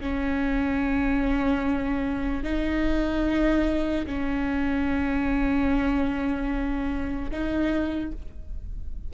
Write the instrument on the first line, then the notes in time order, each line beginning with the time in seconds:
viola
0.00 C#4
2.43 D#4
4.06 C#4
7.30 D#4